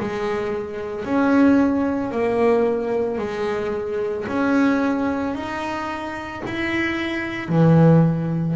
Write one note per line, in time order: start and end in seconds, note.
0.00 1.05 G#3
1.05 2.11 C#4
2.11 3.18 A#3
3.18 4.25 G#3
4.28 5.35 C#4
5.35 6.42 D#4
6.46 7.49 E4
7.49 8.56 E3